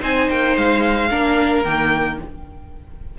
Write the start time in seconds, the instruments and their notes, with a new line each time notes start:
0.00 cello C4, viola D#4, violin C5 G#5
0.30 cello A#3, violin G5
0.56 cello G#3, violin F5
1.10 cello A#3, viola D4, violin A#4
1.64 cello D#3, viola A#3, violin G5